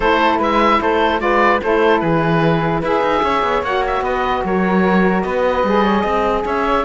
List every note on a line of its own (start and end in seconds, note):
0.00 0.39 A3
0.00 1.18 E4
0.00 0.39 A4
0.00 0.38 C5
0.39 0.79 G#3
0.39 0.79 B4
0.39 0.81 E5
0.81 1.20 A3
0.81 1.22 A4
0.81 1.20 C5
1.18 1.60 G#3
1.18 1.58 F4
1.18 1.62 B4
1.18 1.60 D5
1.62 2.01 A3
1.62 2.83 E4
1.62 2.02 A4
1.62 2.00 C5
2.00 2.82 E3
2.00 2.80 G#4
2.00 2.80 B4
2.80 3.01 E4
2.80 3.64 G#4
2.80 3.20 B4
2.80 3.64 E5
3.01 3.21 D#4
3.22 3.42 C#4
3.22 4.03 C#5
3.42 3.62 B3
3.62 4.01 A#3
3.62 5.65 F#4
3.62 3.84 F#5
3.86 4.03 E5
4.01 4.41 B3
4.01 4.43 B4
4.01 4.43 D#5
4.44 5.24 F#3
4.44 5.25 A#4
4.44 5.22 C#5
5.22 5.63 B3
5.22 5.84 B4
5.22 6.43 D#5
5.63 6.03 G3
5.63 6.84 G#4
5.84 6.01 C#5
6.01 6.44 C4
6.01 6.41 D#5
6.45 6.84 C#4
6.45 6.84 C#5
6.45 6.84 E5